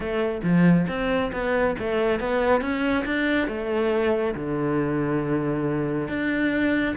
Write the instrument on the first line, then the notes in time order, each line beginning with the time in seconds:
cello
0.00 A3
0.43 F3
0.88 C4
1.32 B3
1.78 A3
2.20 B3
2.61 C#4
3.05 D4
3.47 A3
4.35 D3
6.08 D4